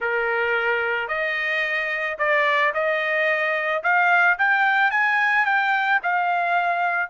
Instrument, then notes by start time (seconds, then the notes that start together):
trumpet
0.00 A#4
1.08 D#5
2.18 D5
2.73 D#5
3.83 F5
4.38 G5
4.91 G#5
5.45 G5
6.02 F5